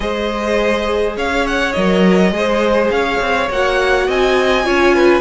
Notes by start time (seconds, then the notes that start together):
0.00 G#3 G#4 C5 D#5
1.16 C#4 C#5 F5
1.46 F#5
1.72 F#3 A#4 D#5
2.31 G#3 G#4 C5
2.90 C#4 C#5 F5
3.20 C4
3.50 A#3 F#4 F#5
4.07 C4 D#5 G#5
4.64 C#4 F4 C#5
4.94 B4